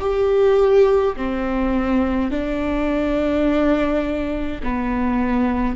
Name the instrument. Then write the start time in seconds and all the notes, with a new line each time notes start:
viola
0.00 G4
1.16 C4
2.31 D4
4.63 B3